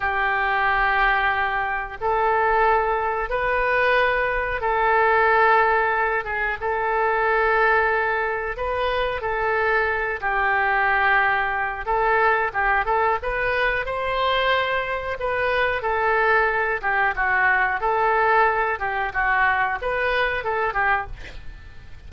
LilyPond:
\new Staff \with { instrumentName = "oboe" } { \time 4/4 \tempo 4 = 91 g'2. a'4~ | a'4 b'2 a'4~ | a'4. gis'8 a'2~ | a'4 b'4 a'4. g'8~ |
g'2 a'4 g'8 a'8 | b'4 c''2 b'4 | a'4. g'8 fis'4 a'4~ | a'8 g'8 fis'4 b'4 a'8 g'8 | }